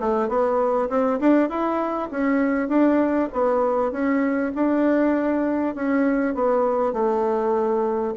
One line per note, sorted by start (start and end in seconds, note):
0.00 0.29 A3
0.29 0.89 B3
0.89 1.20 C4
1.20 1.49 D4
1.49 2.10 E4
2.11 2.69 C#4
2.69 3.29 D4
3.33 3.92 B3
3.92 4.52 C#4
4.55 5.75 D4
5.75 6.35 C#4
6.35 6.93 B3
6.93 8.14 A3